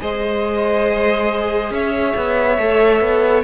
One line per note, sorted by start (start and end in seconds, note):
0.00 1.70 G#3
0.00 2.57 G#4
0.00 1.72 C5
0.00 1.73 D#5
1.70 2.13 C#4
1.70 3.44 C#5
1.70 3.44 E5
2.16 2.58 B3
2.58 3.01 A3
2.58 3.44 A4
3.01 3.43 B3